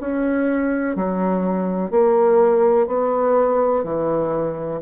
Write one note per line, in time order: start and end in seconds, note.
0.00 0.96 C#4
0.96 1.91 F#3
1.91 2.87 A#3
2.87 3.84 B3
3.84 4.80 E3